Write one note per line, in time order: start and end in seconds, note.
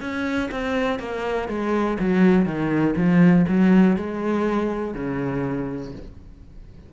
0.00 0.49 C#4
0.51 0.99 C4
0.99 1.48 A#3
1.48 1.97 G#3
1.99 2.45 F#3
2.45 2.94 D#3
2.96 3.45 F3
3.47 3.96 F#3
3.96 4.94 G#3
4.94 5.92 C#3